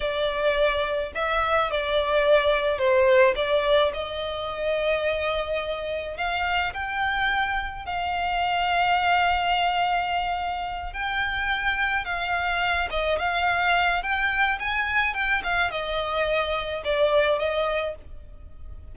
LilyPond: \new Staff \with { instrumentName = "violin" } { \time 4/4 \tempo 4 = 107 d''2 e''4 d''4~ | d''4 c''4 d''4 dis''4~ | dis''2. f''4 | g''2 f''2~ |
f''2.~ f''8 g''8~ | g''4. f''4. dis''8 f''8~ | f''4 g''4 gis''4 g''8 f''8 | dis''2 d''4 dis''4 | }